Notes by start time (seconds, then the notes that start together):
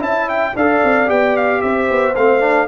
0.00 C#4 E4 E5 A5
0.29 G5
0.56 D4 A4 D5 F5
0.84 C4
1.07 B3 G4 G5
1.37 F5
1.62 C4 C5 E5
1.91 B3
2.16 A3 C4 F5
2.41 D4